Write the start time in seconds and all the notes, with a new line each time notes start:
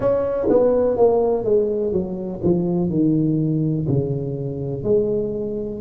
0.00 C#4
0.49 B3
0.97 A#3
1.44 G#3
1.92 F#3
2.43 F3
2.89 D#3
3.88 C#3
4.83 G#3